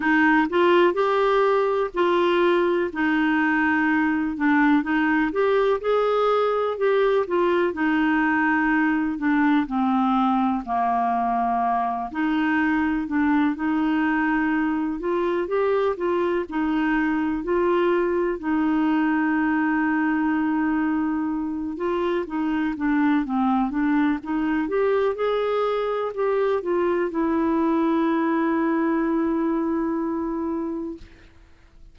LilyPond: \new Staff \with { instrumentName = "clarinet" } { \time 4/4 \tempo 4 = 62 dis'8 f'8 g'4 f'4 dis'4~ | dis'8 d'8 dis'8 g'8 gis'4 g'8 f'8 | dis'4. d'8 c'4 ais4~ | ais8 dis'4 d'8 dis'4. f'8 |
g'8 f'8 dis'4 f'4 dis'4~ | dis'2~ dis'8 f'8 dis'8 d'8 | c'8 d'8 dis'8 g'8 gis'4 g'8 f'8 | e'1 | }